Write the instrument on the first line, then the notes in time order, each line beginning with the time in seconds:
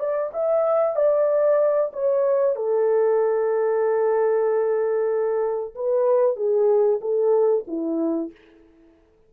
horn
0.00 D5
0.34 E5
0.96 D5
1.94 C#5
2.56 A4
5.75 B4
6.37 G#4
7.01 A4
7.68 E4